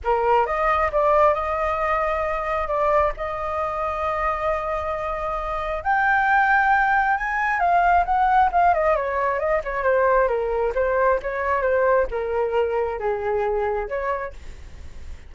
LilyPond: \new Staff \with { instrumentName = "flute" } { \time 4/4 \tempo 4 = 134 ais'4 dis''4 d''4 dis''4~ | dis''2 d''4 dis''4~ | dis''1~ | dis''4 g''2. |
gis''4 f''4 fis''4 f''8 dis''8 | cis''4 dis''8 cis''8 c''4 ais'4 | c''4 cis''4 c''4 ais'4~ | ais'4 gis'2 cis''4 | }